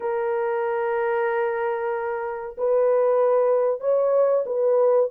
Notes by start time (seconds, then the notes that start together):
0.00 A#4
2.57 B4
3.80 C#5
4.45 B4